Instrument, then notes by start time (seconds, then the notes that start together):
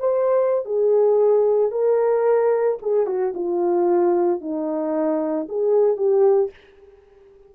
horn
0.00 C5
0.66 G#4
1.71 A#4
2.82 G#4
3.07 F#4
3.35 F4
4.41 D#4
5.49 G#4
5.97 G4